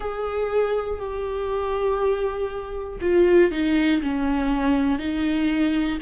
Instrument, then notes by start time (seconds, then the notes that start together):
viola
0.00 G#4
0.99 G4
3.00 F4
3.50 D#4
4.02 C#4
4.99 D#4